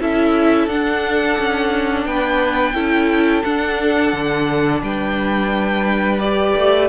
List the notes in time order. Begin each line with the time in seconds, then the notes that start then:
0.00 C#4 E4 A4 E5
0.67 D4 F#5
1.38 C#4
2.06 B3 B4 G5
2.74 C#4 E4 A4
3.42 D4 F#5
4.13 D3
4.82 G3 B4 G5
6.19 G4 D5
6.56 A3